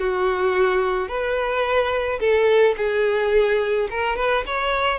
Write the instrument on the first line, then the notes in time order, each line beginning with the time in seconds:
violin
0.00 F#4
1.09 B4
2.20 A4
2.78 G#4
3.90 A#4
4.17 B4
4.46 C#5